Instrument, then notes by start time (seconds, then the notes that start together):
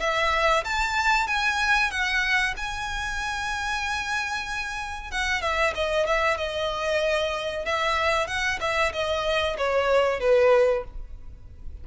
violin
0.00 E5
0.64 A5
1.28 G#5
1.91 F#5
2.57 G#5
5.11 F#5
5.42 E5
5.75 D#5
6.06 E5
6.37 D#5
7.65 E5
8.27 F#5
8.61 E5
8.93 D#5
9.58 C#5
10.20 B4